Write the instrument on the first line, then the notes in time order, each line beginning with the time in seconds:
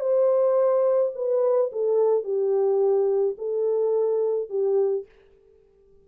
horn
0.00 C5
1.15 B4
1.72 A4
2.24 G4
3.38 A4
4.49 G4